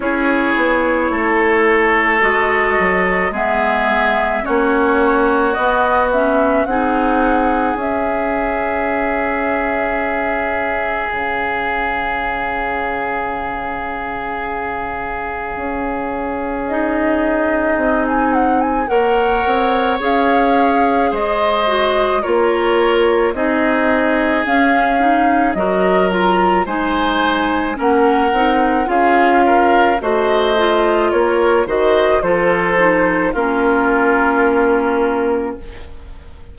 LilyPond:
<<
  \new Staff \with { instrumentName = "flute" } { \time 4/4 \tempo 4 = 54 cis''2 dis''4 e''4 | cis''4 dis''8 e''8 fis''4 e''4~ | e''2 f''2~ | f''2. dis''4~ |
dis''16 gis''16 fis''16 gis''16 fis''4 f''4 dis''4 | cis''4 dis''4 f''4 dis''8 ais''8 | gis''4 fis''4 f''4 dis''4 | cis''8 dis''8 c''4 ais'2 | }
  \new Staff \with { instrumentName = "oboe" } { \time 4/4 gis'4 a'2 gis'4 | fis'2 gis'2~ | gis'1~ | gis'1~ |
gis'4 cis''2 c''4 | ais'4 gis'2 ais'4 | c''4 ais'4 gis'8 ais'8 c''4 | ais'8 c''8 a'4 f'2 | }
  \new Staff \with { instrumentName = "clarinet" } { \time 4/4 e'2 fis'4 b4 | cis'4 b8 cis'8 dis'4 cis'4~ | cis'1~ | cis'2. dis'4~ |
dis'4 ais'4 gis'4. fis'8 | f'4 dis'4 cis'8 dis'8 fis'8 f'8 | dis'4 cis'8 dis'8 f'4 fis'8 f'8~ | f'8 fis'8 f'8 dis'8 cis'2 | }
  \new Staff \with { instrumentName = "bassoon" } { \time 4/4 cis'8 b8 a4 gis8 fis8 gis4 | ais4 b4 c'4 cis'4~ | cis'2 cis2~ | cis2 cis'2 |
c'4 ais8 c'8 cis'4 gis4 | ais4 c'4 cis'4 fis4 | gis4 ais8 c'8 cis'4 a4 | ais8 dis8 f4 ais2 | }
>>